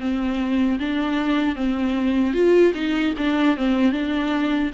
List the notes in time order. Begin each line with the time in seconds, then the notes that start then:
0.00 C4
0.79 D4
1.55 C4
2.33 F4
2.74 D#4
3.17 D4
3.56 C4
3.92 D4